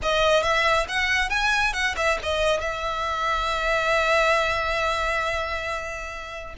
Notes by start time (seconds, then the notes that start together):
0.02 D#5
0.42 E5
0.88 F#5
1.29 G#5
1.73 F#5
1.96 E5
2.23 D#5
2.60 E5